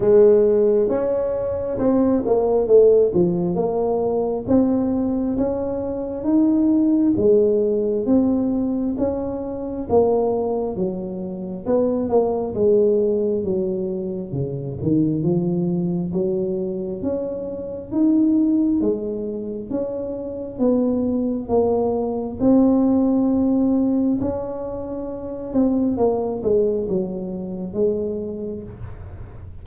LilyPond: \new Staff \with { instrumentName = "tuba" } { \time 4/4 \tempo 4 = 67 gis4 cis'4 c'8 ais8 a8 f8 | ais4 c'4 cis'4 dis'4 | gis4 c'4 cis'4 ais4 | fis4 b8 ais8 gis4 fis4 |
cis8 dis8 f4 fis4 cis'4 | dis'4 gis4 cis'4 b4 | ais4 c'2 cis'4~ | cis'8 c'8 ais8 gis8 fis4 gis4 | }